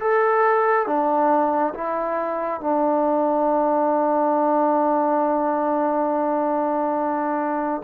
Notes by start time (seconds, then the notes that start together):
0.00 A4
0.87 D4
1.74 E4
2.60 D4